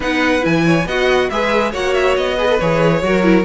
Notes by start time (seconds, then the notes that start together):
0.00 B3 D#4 B4 F#5
0.41 E3 E4 G#5
0.66 C#5
0.85 B3 F#4 D#5 F#5
1.29 G#3 G#4 B4 E5
1.71 A#3 F#4 C#5 F#5
1.93 E5
2.16 B3 D#5
2.35 G#4 B4
2.49 A4
2.59 E3 G#4 C#5
3.02 F#3 F#4 A#4
3.22 E4